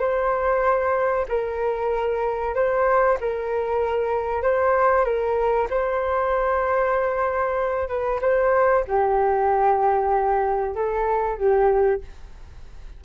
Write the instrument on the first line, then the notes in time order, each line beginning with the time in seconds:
flute
0.00 C5
1.29 A#4
2.55 C5
3.21 A#4
4.42 C5
5.05 A#4
5.70 C5
7.89 B4
8.21 C5
8.88 G4
10.75 A4
11.38 G4